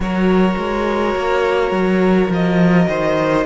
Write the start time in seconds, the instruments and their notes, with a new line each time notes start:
0.00 cello F#3, viola F#4, violin A#4 C#5
0.57 cello G#3
1.15 cello A#3
1.71 cello F#3
2.30 cello F3, violin D#5
2.88 cello D#3, violin C5